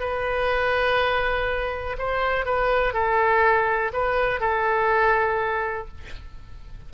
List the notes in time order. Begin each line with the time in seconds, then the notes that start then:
0.00 B4
1.99 C5
2.45 B4
2.93 A4
3.93 B4
4.40 A4